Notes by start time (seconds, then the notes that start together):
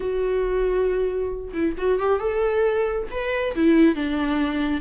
0.00 F#4
1.53 E4
1.77 F#4
1.99 G4
2.19 A4
3.10 B4
3.55 E4
3.95 D4